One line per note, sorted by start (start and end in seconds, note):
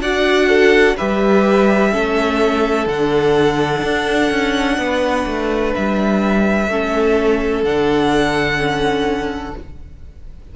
0.00 0.95 D4
0.00 0.97 F#4
0.00 0.48 D5
0.00 0.97 F#5
0.48 0.96 A4
0.97 1.95 G3
0.97 1.91 G4
0.97 1.91 B4
0.97 2.88 E5
1.91 2.86 A3
1.91 2.87 C#4
1.91 4.77 A4
2.86 3.82 D3
2.86 6.70 D4
2.86 5.74 F#5
3.83 4.30 D4
4.30 4.78 C#4
4.78 5.25 B3
4.78 6.70 B4
5.26 5.74 A3
5.75 6.68 G3
5.75 7.64 E5
6.68 7.63 A3
6.68 7.65 C#4
6.68 9.56 A4
7.63 9.53 D3
7.63 8.57 D4
7.63 9.55 F#5
8.57 9.52 C#4